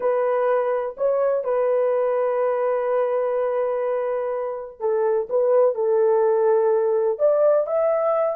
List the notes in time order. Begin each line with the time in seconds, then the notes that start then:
0.00 B4
0.97 C#5
1.44 B4
4.80 A4
5.29 B4
5.75 A4
7.18 D5
7.66 E5